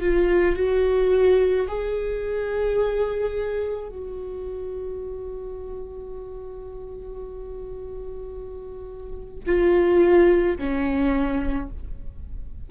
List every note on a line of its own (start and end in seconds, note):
0.00 0.56 F4
0.56 1.67 F#4
1.68 3.88 G#4
3.88 9.44 F#4
9.46 10.57 F4
10.58 11.69 C#4